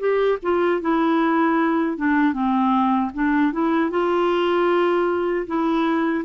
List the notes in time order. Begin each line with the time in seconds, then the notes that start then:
0.00 G4
0.43 F4
0.82 E4
1.97 D4
2.33 C4
3.14 D4
3.53 E4
3.91 F4
5.47 E4